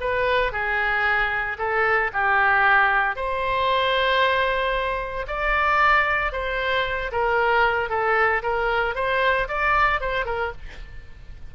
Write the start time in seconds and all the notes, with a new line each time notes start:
0.00 B4
0.52 G#4
1.58 A4
2.13 G4
3.16 C5
5.28 D5
6.32 C5
7.12 A#4
7.89 A4
8.43 A#4
8.95 C5
9.48 D5
10.00 C5
10.25 A#4